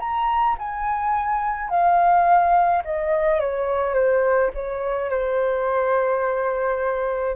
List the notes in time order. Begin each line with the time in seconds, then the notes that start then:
0.00 A#5
0.59 G#5
1.70 F5
2.85 D#5
3.40 C#5
3.94 C5
4.54 C#5
5.10 C5